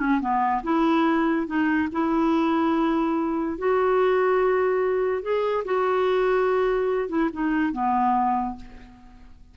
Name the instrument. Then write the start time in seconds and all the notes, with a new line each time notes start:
clarinet
0.00 C#4
0.21 B3
0.64 E4
1.47 D#4
1.92 E4
3.59 F#4
5.23 G#4
5.65 F#4
7.09 E4
7.33 D#4
7.73 B3